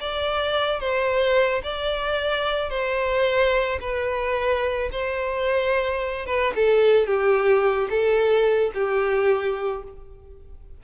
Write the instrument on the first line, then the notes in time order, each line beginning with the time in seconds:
violin
0.00 D5
0.80 C5
1.63 D5
2.70 C5
3.80 B4
4.91 C5
6.26 B4
6.55 A4
7.06 G4
7.89 A4
8.74 G4